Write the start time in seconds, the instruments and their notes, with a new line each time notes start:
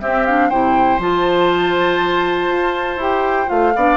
0.00 clarinet C4, bassoon C4, oboe G4, flute E5
0.26 clarinet D4, flute F5
0.49 bassoon C3, clarinet E4, oboe C5, flute G5
0.98 bassoon F3, clarinet F4, flute A5
2.47 bassoon F4
2.96 bassoon E4, clarinet G4, flute G5
3.47 bassoon A3, clarinet F4, flute F5
3.75 bassoon B3, clarinet D4, oboe D5